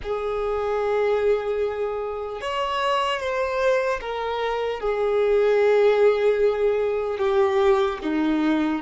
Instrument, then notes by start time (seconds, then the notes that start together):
violin
0.02 G#4
2.41 C#5
3.20 C5
4.00 A#4
4.80 G#4
7.18 G4
8.02 D#4